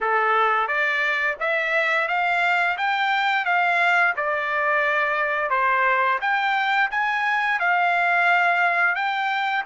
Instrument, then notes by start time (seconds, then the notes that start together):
trumpet
0.01 A4
0.67 D5
1.39 E5
2.08 F5
2.77 G5
3.45 F5
4.16 D5
5.50 C5
6.21 G5
6.91 G#5
7.59 F5
8.95 G5